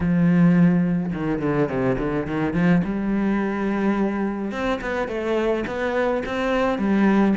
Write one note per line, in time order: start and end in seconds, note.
0.00 1.12 F3
1.13 1.41 D#3
1.41 1.68 D3
1.68 1.97 C3
1.98 2.26 D3
2.26 2.53 D#3
2.53 2.81 F3
2.84 4.51 G3
4.51 4.80 C4
4.81 5.08 B3
5.08 5.64 A3
5.66 6.23 B3
6.25 6.78 C4
6.78 7.35 G3